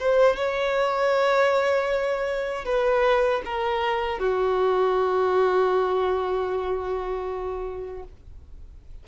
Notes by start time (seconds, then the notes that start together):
0.00 C5
0.36 C#5
2.65 B4
3.45 A#4
4.19 F#4